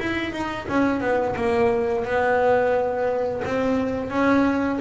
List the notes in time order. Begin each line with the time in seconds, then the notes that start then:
0.00 E4
0.33 D#4
0.69 C#4
1.01 B3
1.36 A#3
2.05 B3
3.45 C4
4.10 C#4